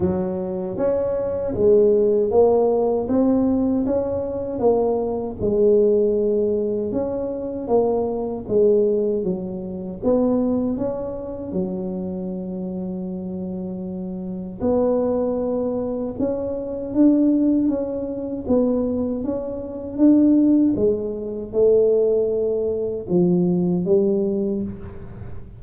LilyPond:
\new Staff \with { instrumentName = "tuba" } { \time 4/4 \tempo 4 = 78 fis4 cis'4 gis4 ais4 | c'4 cis'4 ais4 gis4~ | gis4 cis'4 ais4 gis4 | fis4 b4 cis'4 fis4~ |
fis2. b4~ | b4 cis'4 d'4 cis'4 | b4 cis'4 d'4 gis4 | a2 f4 g4 | }